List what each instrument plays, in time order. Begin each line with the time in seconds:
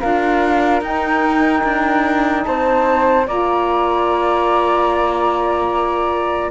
0.00 cello D4, saxophone F4, flute A#4 F5
0.81 cello D#4, saxophone D#4, flute G5
1.63 cello D4
2.44 cello C4, flute C5 A5
3.27 cello A#3, saxophone F4, flute D5 A#5